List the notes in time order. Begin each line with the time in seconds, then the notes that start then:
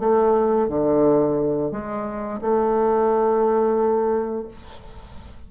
0.00 A3
0.68 D3
1.72 G#3
2.41 A3